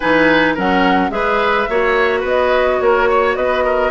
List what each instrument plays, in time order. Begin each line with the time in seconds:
0.00 bassoon E3, clarinet D#4, oboe B4, flute G#5
0.54 bassoon F#3, clarinet C#4, oboe A#4, flute F#5
1.10 bassoon G#3, clarinet G#4, oboe B4, flute E5
1.69 bassoon A#3, clarinet F#4, oboe C#5
2.20 bassoon B3, oboe B4
2.26 flute D#5
2.80 bassoon A#3, oboe A#4, flute C#5
3.09 oboe C#5
3.36 bassoon B3, oboe B4, flute D#5
3.64 oboe A#4